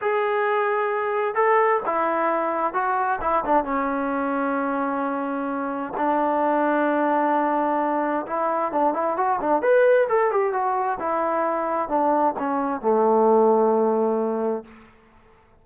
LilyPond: \new Staff \with { instrumentName = "trombone" } { \time 4/4 \tempo 4 = 131 gis'2. a'4 | e'2 fis'4 e'8 d'8 | cis'1~ | cis'4 d'2.~ |
d'2 e'4 d'8 e'8 | fis'8 d'8 b'4 a'8 g'8 fis'4 | e'2 d'4 cis'4 | a1 | }